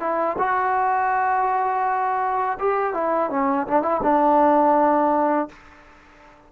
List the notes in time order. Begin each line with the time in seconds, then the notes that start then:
0.00 E4
0.39 F#4
2.59 G4
2.94 E4
3.31 C#4
3.67 D4
3.82 E4
4.03 D4